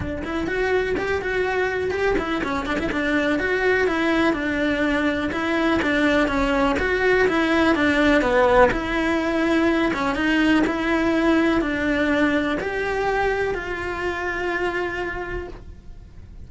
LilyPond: \new Staff \with { instrumentName = "cello" } { \time 4/4 \tempo 4 = 124 d'8 e'8 fis'4 g'8 fis'4. | g'8 e'8 cis'8 d'16 e'16 d'4 fis'4 | e'4 d'2 e'4 | d'4 cis'4 fis'4 e'4 |
d'4 b4 e'2~ | e'8 cis'8 dis'4 e'2 | d'2 g'2 | f'1 | }